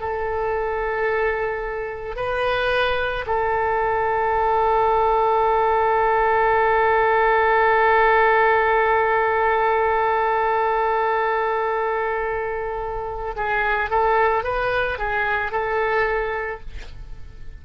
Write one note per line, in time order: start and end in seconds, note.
0.00 2.16 A4
2.16 3.25 B4
3.27 13.36 A4
13.36 13.90 G#4
13.90 14.44 A4
14.44 14.99 B4
14.99 15.52 G#4
15.52 16.61 A4